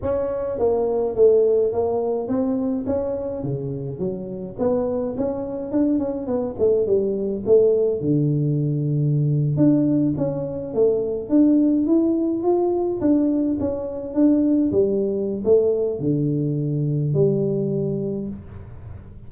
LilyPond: \new Staff \with { instrumentName = "tuba" } { \time 4/4 \tempo 4 = 105 cis'4 ais4 a4 ais4 | c'4 cis'4 cis4 fis4 | b4 cis'4 d'8 cis'8 b8 a8 | g4 a4 d2~ |
d8. d'4 cis'4 a4 d'16~ | d'8. e'4 f'4 d'4 cis'16~ | cis'8. d'4 g4~ g16 a4 | d2 g2 | }